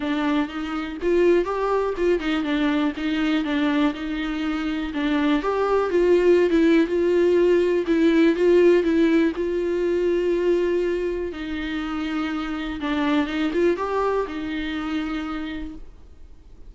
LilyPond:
\new Staff \with { instrumentName = "viola" } { \time 4/4 \tempo 4 = 122 d'4 dis'4 f'4 g'4 | f'8 dis'8 d'4 dis'4 d'4 | dis'2 d'4 g'4 | f'4~ f'16 e'8. f'2 |
e'4 f'4 e'4 f'4~ | f'2. dis'4~ | dis'2 d'4 dis'8 f'8 | g'4 dis'2. | }